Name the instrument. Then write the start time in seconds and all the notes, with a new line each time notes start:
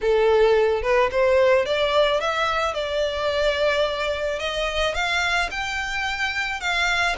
violin
0.01 A4
0.82 B4
1.11 C5
1.65 D5
2.20 E5
2.74 D5
4.39 D#5
4.94 F5
5.50 G5
6.60 F5